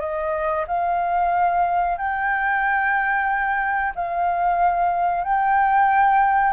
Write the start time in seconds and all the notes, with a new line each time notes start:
0.00 D#5
0.68 F5
1.98 G5
3.96 F5
5.24 G5